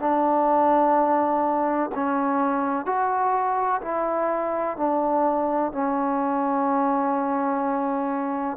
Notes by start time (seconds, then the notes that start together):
0.00 D4
1.95 C#4
2.86 F#4
3.82 E4
4.77 D4
5.73 C#4